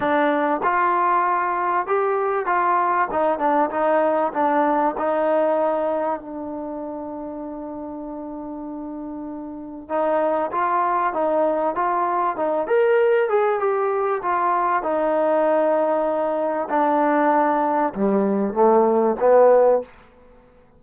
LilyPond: \new Staff \with { instrumentName = "trombone" } { \time 4/4 \tempo 4 = 97 d'4 f'2 g'4 | f'4 dis'8 d'8 dis'4 d'4 | dis'2 d'2~ | d'1 |
dis'4 f'4 dis'4 f'4 | dis'8 ais'4 gis'8 g'4 f'4 | dis'2. d'4~ | d'4 g4 a4 b4 | }